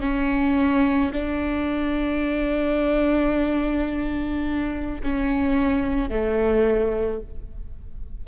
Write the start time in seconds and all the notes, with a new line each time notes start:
0.00 C#4
1.13 D4
5.03 C#4
6.09 A3